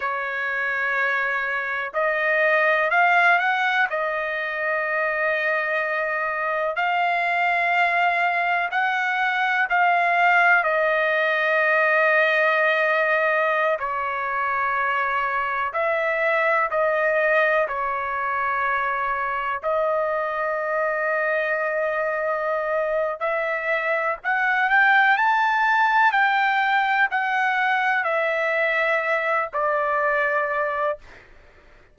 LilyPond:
\new Staff \with { instrumentName = "trumpet" } { \time 4/4 \tempo 4 = 62 cis''2 dis''4 f''8 fis''8 | dis''2. f''4~ | f''4 fis''4 f''4 dis''4~ | dis''2~ dis''16 cis''4.~ cis''16~ |
cis''16 e''4 dis''4 cis''4.~ cis''16~ | cis''16 dis''2.~ dis''8. | e''4 fis''8 g''8 a''4 g''4 | fis''4 e''4. d''4. | }